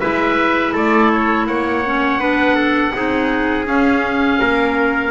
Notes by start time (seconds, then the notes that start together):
0.00 G#3 E4 B4 E5
0.73 A3 A4 D5
1.13 C#5
1.47 A#3 C#5 F#5
1.85 C#4
2.19 B3 D4 B4
2.55 A4
2.95 C4 D#4 G#4
3.66 C#4 F5
4.40 A#3 A#4